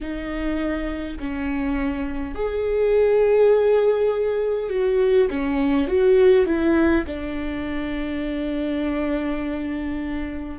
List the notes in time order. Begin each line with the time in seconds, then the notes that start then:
0.01 D#4
1.19 C#4
2.34 G#4
4.70 F#4
5.29 C#4
5.87 F#4
6.45 E4
7.06 D4